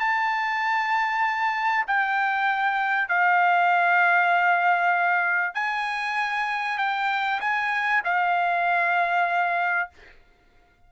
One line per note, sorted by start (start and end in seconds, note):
0.00 1.86 A5
1.88 3.09 G5
3.09 5.55 F5
5.55 6.78 G#5
6.78 7.40 G5
7.41 8.02 G#5
8.04 9.90 F5